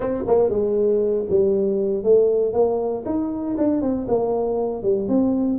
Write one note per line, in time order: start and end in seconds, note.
0.00 0.23 C4
0.27 0.49 A#3
0.49 1.25 G#3
1.29 2.03 G3
2.03 2.53 A3
2.53 3.04 A#3
3.05 3.56 D#4
3.57 3.81 D4
3.81 4.07 C4
4.07 4.83 A#3
4.83 5.08 G3
5.08 5.59 C4